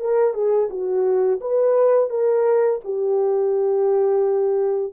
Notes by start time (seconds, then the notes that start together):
0.00 A#4
0.34 G#4
0.70 F#4
1.41 B4
2.10 A#4
2.84 G4